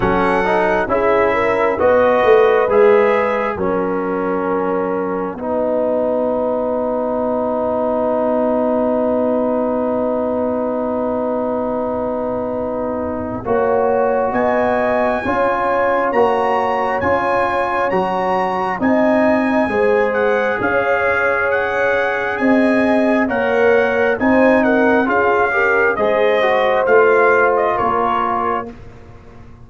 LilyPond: <<
  \new Staff \with { instrumentName = "trumpet" } { \time 4/4 \tempo 4 = 67 fis''4 e''4 dis''4 e''4 | fis''1~ | fis''1~ | fis''1 |
gis''2 ais''4 gis''4 | ais''4 gis''4. fis''8 f''4 | fis''4 gis''4 fis''4 gis''8 fis''8 | f''4 dis''4 f''8. dis''16 cis''4 | }
  \new Staff \with { instrumentName = "horn" } { \time 4/4 a'4 gis'8 ais'8 b'2 | ais'2 b'2~ | b'1~ | b'2. cis''4 |
dis''4 cis''2.~ | cis''4 dis''4 c''4 cis''4~ | cis''4 dis''4 cis''4 c''8 ais'8 | gis'8 ais'8 c''2 ais'4 | }
  \new Staff \with { instrumentName = "trombone" } { \time 4/4 cis'8 dis'8 e'4 fis'4 gis'4 | cis'2 dis'2~ | dis'1~ | dis'2. fis'4~ |
fis'4 f'4 fis'4 f'4 | fis'4 dis'4 gis'2~ | gis'2 ais'4 dis'4 | f'8 g'8 gis'8 fis'8 f'2 | }
  \new Staff \with { instrumentName = "tuba" } { \time 4/4 fis4 cis'4 b8 a8 gis4 | fis2 b2~ | b1~ | b2. ais4 |
b4 cis'4 ais4 cis'4 | fis4 c'4 gis4 cis'4~ | cis'4 c'4 ais4 c'4 | cis'4 gis4 a4 ais4 | }
>>